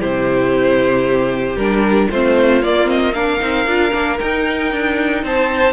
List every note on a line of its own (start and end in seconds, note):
0.00 1.56 C3
0.00 1.57 E4
0.00 2.09 G4
0.00 1.57 C5
1.56 2.08 G3
1.56 2.12 D4
1.56 2.09 A#4
2.11 2.63 A3
2.11 2.63 C4
2.11 3.15 F4
2.11 2.63 C5
2.63 2.85 A#3
2.63 3.41 A#3
2.63 2.89 D5
2.85 3.11 C4
2.85 3.14 D#5
3.14 3.40 D4
3.14 5.23 A#4
3.14 4.19 F5
3.40 3.67 C4
3.40 3.66 D#4
3.67 3.93 D4
3.67 3.92 F4
3.92 4.20 A#3
3.92 4.18 D4
4.19 5.74 D#4
4.19 4.72 D#4
4.19 5.24 G5
4.72 5.24 D4
5.24 5.74 C4
5.24 5.74 C5
5.24 5.74 A5